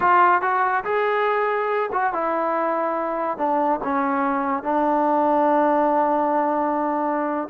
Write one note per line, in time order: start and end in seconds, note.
0.00 0.41 F4
0.41 0.84 F#4
0.84 1.90 G#4
1.92 2.13 F#4
2.13 3.37 E4
3.37 3.80 D4
3.83 4.63 C#4
4.63 7.48 D4